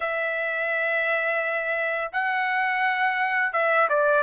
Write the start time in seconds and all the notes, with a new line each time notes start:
0.00 E5
2.12 F#5
3.52 E5
3.89 D5